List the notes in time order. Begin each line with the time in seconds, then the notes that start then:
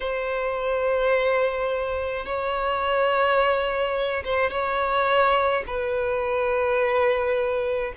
0.00 C5
2.25 C#5
4.24 C5
4.50 C#5
5.66 B4